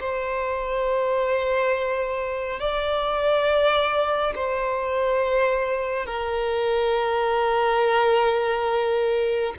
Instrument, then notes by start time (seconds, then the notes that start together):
violin
0.00 C5
2.60 D5
4.35 C5
6.06 A#4